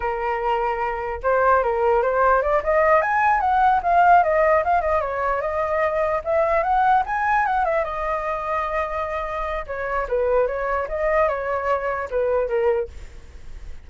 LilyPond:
\new Staff \with { instrumentName = "flute" } { \time 4/4 \tempo 4 = 149 ais'2. c''4 | ais'4 c''4 d''8 dis''4 gis''8~ | gis''8 fis''4 f''4 dis''4 f''8 | dis''8 cis''4 dis''2 e''8~ |
e''8 fis''4 gis''4 fis''8 e''8 dis''8~ | dis''1 | cis''4 b'4 cis''4 dis''4 | cis''2 b'4 ais'4 | }